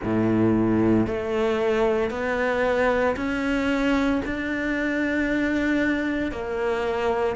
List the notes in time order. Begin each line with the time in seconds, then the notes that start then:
0.03 A2
1.06 A3
2.10 B3
3.16 C#4
4.25 D4
6.31 A#3